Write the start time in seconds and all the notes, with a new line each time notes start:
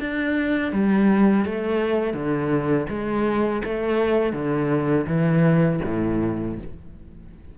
0.00 D4
0.73 G3
1.46 A3
2.14 D3
2.89 G#3
3.65 A3
4.33 D3
5.07 E3
5.85 A2